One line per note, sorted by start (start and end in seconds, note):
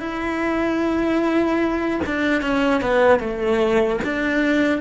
0.00 2.00 E4
2.06 2.42 D4
2.42 2.81 C#4
2.81 3.20 B3
3.20 4.00 A3
4.04 4.81 D4